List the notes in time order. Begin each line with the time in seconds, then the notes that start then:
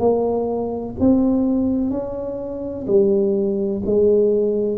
0.00 A#3
1.00 C4
1.91 C#4
2.87 G3
3.86 G#3